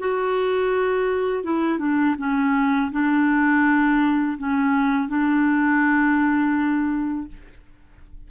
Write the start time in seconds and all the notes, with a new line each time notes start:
0.00 F#4
1.44 E4
1.80 D4
2.19 C#4
2.92 D4
4.39 C#4
5.09 D4